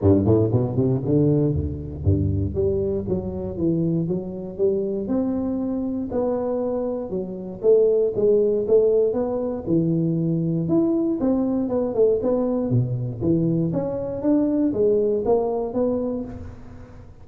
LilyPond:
\new Staff \with { instrumentName = "tuba" } { \time 4/4 \tempo 4 = 118 g,8 a,8 b,8 c8 d4 d,4 | g,4 g4 fis4 e4 | fis4 g4 c'2 | b2 fis4 a4 |
gis4 a4 b4 e4~ | e4 e'4 c'4 b8 a8 | b4 b,4 e4 cis'4 | d'4 gis4 ais4 b4 | }